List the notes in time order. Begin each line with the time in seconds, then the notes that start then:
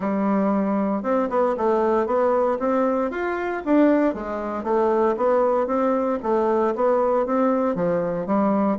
0.00 G3
1.03 C4
1.29 B3
1.57 A3
2.06 B3
2.59 C4
3.11 F4
3.65 D4
4.14 G#3
4.63 A3
5.16 B3
5.66 C4
6.22 A3
6.75 B3
7.26 C4
7.75 F3
8.26 G3